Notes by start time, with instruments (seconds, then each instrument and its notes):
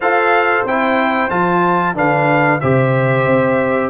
0.00 tuba F4, trombone A4, horn C5, trumpet F5
0.64 tuba C4, trombone E4, trumpet G5
1.29 tuba F3, trombone F4, trumpet A5
1.95 tuba D3, trombone D4, horn B4, trumpet F5
2.60 tuba C3, trombone G4, horn C5, trumpet E5
3.26 tuba C4